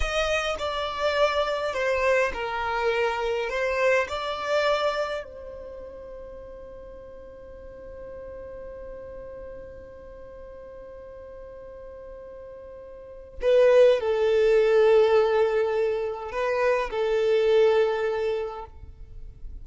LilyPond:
\new Staff \with { instrumentName = "violin" } { \time 4/4 \tempo 4 = 103 dis''4 d''2 c''4 | ais'2 c''4 d''4~ | d''4 c''2.~ | c''1~ |
c''1~ | c''2. b'4 | a'1 | b'4 a'2. | }